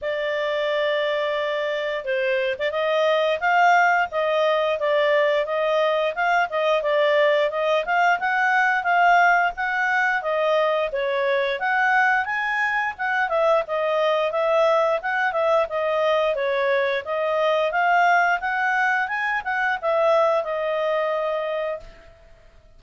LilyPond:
\new Staff \with { instrumentName = "clarinet" } { \time 4/4 \tempo 4 = 88 d''2. c''8. d''16 | dis''4 f''4 dis''4 d''4 | dis''4 f''8 dis''8 d''4 dis''8 f''8 | fis''4 f''4 fis''4 dis''4 |
cis''4 fis''4 gis''4 fis''8 e''8 | dis''4 e''4 fis''8 e''8 dis''4 | cis''4 dis''4 f''4 fis''4 | gis''8 fis''8 e''4 dis''2 | }